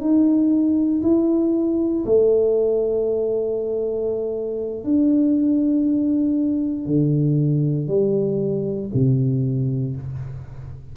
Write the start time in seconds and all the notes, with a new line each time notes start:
0.00 D#4
1.03 E4
2.05 A3
4.84 D4
6.86 D3
7.88 G3
8.94 C3